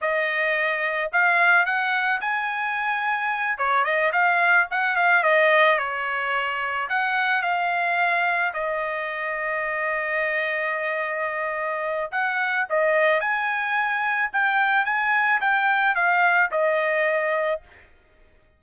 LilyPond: \new Staff \with { instrumentName = "trumpet" } { \time 4/4 \tempo 4 = 109 dis''2 f''4 fis''4 | gis''2~ gis''8 cis''8 dis''8 f''8~ | f''8 fis''8 f''8 dis''4 cis''4.~ | cis''8 fis''4 f''2 dis''8~ |
dis''1~ | dis''2 fis''4 dis''4 | gis''2 g''4 gis''4 | g''4 f''4 dis''2 | }